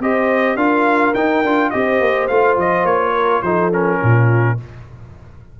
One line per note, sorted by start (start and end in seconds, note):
0.00 0.56 C4
0.00 0.58 G4
0.00 0.57 C5
0.00 0.57 D#5
0.56 1.13 D4
0.56 1.15 F4
0.56 1.71 A#4
0.56 1.14 F5
1.15 1.43 D#4
1.15 1.45 D#4
1.15 1.71 G5
1.43 1.72 D4
1.43 1.73 F4
1.71 2.00 C4
1.71 2.30 G4
1.71 3.14 C5
1.71 2.28 D#5
2.00 2.29 A#3
2.28 2.57 A3
2.28 3.44 F4
2.28 2.57 F5
2.57 2.84 F3
2.57 2.86 D#5
2.84 3.41 A#3
2.84 3.42 C#5
3.14 3.43 A#4
3.42 4.00 F3
3.42 3.72 D#4
3.42 4.01 A4
3.42 3.71 C5
3.72 4.58 C#4
3.72 4.59 A#4
4.02 4.60 A#2
4.02 4.59 F4